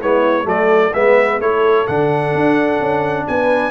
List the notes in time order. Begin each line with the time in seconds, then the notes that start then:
0.00 G#3 B3 E4 C#5
0.44 F#3 A3 A4 D5
0.94 G#3 B3 B4 E5
1.40 A3 E4 A4 C#5
1.87 D3 D4 F#5
2.34 D4
2.81 C#4
3.28 B3 B4 G#5